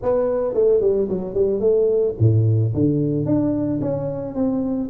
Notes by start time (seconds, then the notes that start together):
0.02 B3
0.54 A3
0.80 G3
1.09 F#3
1.34 G3
1.60 A3
2.19 A2
2.73 D3
3.25 D4
3.81 C#4
4.35 C4